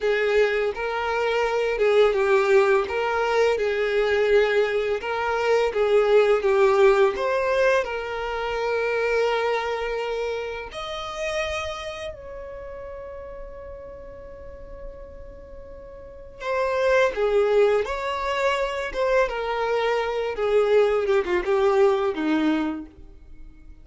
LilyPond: \new Staff \with { instrumentName = "violin" } { \time 4/4 \tempo 4 = 84 gis'4 ais'4. gis'8 g'4 | ais'4 gis'2 ais'4 | gis'4 g'4 c''4 ais'4~ | ais'2. dis''4~ |
dis''4 cis''2.~ | cis''2. c''4 | gis'4 cis''4. c''8 ais'4~ | ais'8 gis'4 g'16 f'16 g'4 dis'4 | }